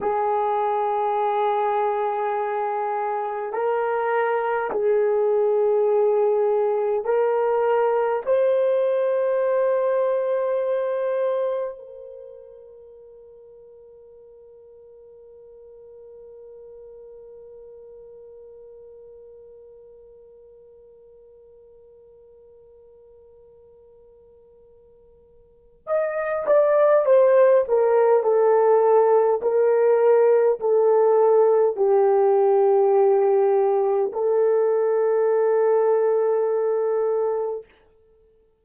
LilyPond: \new Staff \with { instrumentName = "horn" } { \time 4/4 \tempo 4 = 51 gis'2. ais'4 | gis'2 ais'4 c''4~ | c''2 ais'2~ | ais'1~ |
ais'1~ | ais'2 dis''8 d''8 c''8 ais'8 | a'4 ais'4 a'4 g'4~ | g'4 a'2. | }